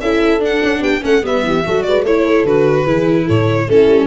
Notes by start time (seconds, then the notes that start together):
0.00 C#4 E4 A4 E5
0.40 D4 F#5
0.63 C#4
0.81 B3 G4 G5
1.01 A3 C#4 A4 F#5
1.22 G3 B3 B4 E5
1.43 E3 G4
1.64 F#3 F#4 A4
1.82 G#3 B4 D5
2.02 A3 E4 C#5
2.24 A4
2.44 D3 F#4 B4
2.84 E3 E4 G#4
3.25 A2 A4 C#5
3.67 A3 C#4 E4 A4
3.87 G3